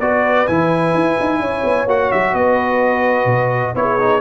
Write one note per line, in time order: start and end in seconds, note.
0.00 0.47 B3
0.00 0.48 F#4
0.00 1.41 B4
0.00 0.47 D5
0.47 0.94 E3
0.47 1.88 E4
0.47 1.88 G#5
0.94 1.18 E4
1.20 1.40 D#4
1.40 1.63 C#4
1.40 2.33 C#5
1.64 1.87 B3
1.87 2.11 A#3
1.87 3.75 F#4
1.87 2.12 F#5
2.12 2.34 F#3
2.12 2.35 E5
2.33 3.25 B3
2.33 3.74 B4
2.33 3.75 D#5
3.25 3.72 B2
3.75 4.21 B3
3.75 3.99 E4
3.75 4.21 G#4
3.75 4.21 C#5
3.99 4.21 D#4